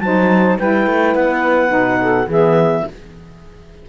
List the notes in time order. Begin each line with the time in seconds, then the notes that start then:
0.00 F#3 D#4 C5 A5
0.58 G3 E4 B4 G5
0.87 A3
1.15 B3 F#5
1.68 B2 D#4
2.00 A4
2.27 E3 B3 G#4 E5